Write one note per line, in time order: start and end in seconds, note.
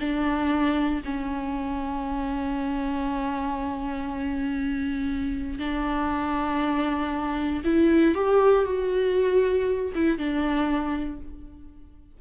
0.00 1.02 D4
1.05 5.59 C#4
5.59 7.62 D4
7.65 8.15 E4
8.15 8.65 G4
8.65 9.92 F#4
9.95 10.18 E4
10.18 11.20 D4